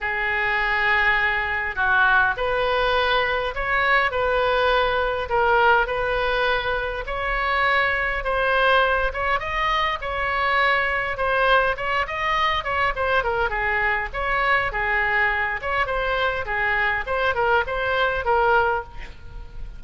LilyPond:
\new Staff \with { instrumentName = "oboe" } { \time 4/4 \tempo 4 = 102 gis'2. fis'4 | b'2 cis''4 b'4~ | b'4 ais'4 b'2 | cis''2 c''4. cis''8 |
dis''4 cis''2 c''4 | cis''8 dis''4 cis''8 c''8 ais'8 gis'4 | cis''4 gis'4. cis''8 c''4 | gis'4 c''8 ais'8 c''4 ais'4 | }